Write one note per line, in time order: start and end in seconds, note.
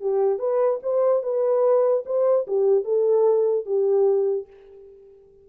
0.00 0.39 G4
0.39 0.79 B4
0.83 1.22 C5
1.22 2.03 B4
2.05 2.46 C5
2.47 2.84 G4
2.84 3.65 A4
3.65 4.46 G4